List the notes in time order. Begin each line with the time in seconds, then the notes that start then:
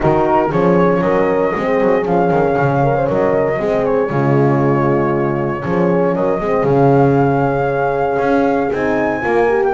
0.00 D#3 D#4 F#4 A#4
0.49 F3 C#4 G#4 C#5
1.01 F#3 A#4 D#5
1.55 G#3 C4 G#4
1.80 F#3
2.02 F3 C#4 F5
2.31 D#3
2.57 C#3
2.82 A#4
2.95 C5
3.08 F#3 A#4 D#5
3.58 G#3 C4 G#4
3.85 C#5
4.09 C#3 G#3 F4
5.63 F3 C#4 G#4
6.15 F#3 A#4 D#5
6.40 G#3 C4 G#4
6.63 C#3 C#4 F5
8.18 C#4
8.72 C4 D#4 G#5
9.21 A#3 F4 A#4
9.48 G4
9.64 G5